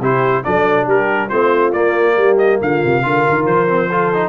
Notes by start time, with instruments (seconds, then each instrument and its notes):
0.00 tuba C3, trombone E4, horn G4, trumpet C5
0.44 tuba F#3, trombone D4, horn A4, trumpet D5
0.87 tuba G3, horn G4, trumpet A#4
1.29 tuba A3, trombone C4, horn F4, trumpet C5
1.73 tuba A#3, trombone A#3, trumpet D5
2.17 tuba G3, horn G4
2.38 trumpet D#5
2.61 tuba D3, horn F4, trumpet F5
2.85 tuba C3
3.03 tuba D3, trombone F4, horn A#4
3.29 tuba D#3
3.46 tuba F3, trumpet C5
3.68 trombone C4
3.89 trombone F4, horn A4
4.14 trombone D#4